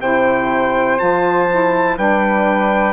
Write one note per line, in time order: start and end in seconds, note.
0.00 0.99 C3
0.00 0.98 E4
0.00 1.97 C5
0.00 0.99 G5
0.98 1.97 F3
0.98 1.47 F4
0.98 1.97 A5
1.49 1.97 E4
1.97 2.93 G3
1.97 2.93 D4
1.97 2.93 B4
1.97 2.93 G5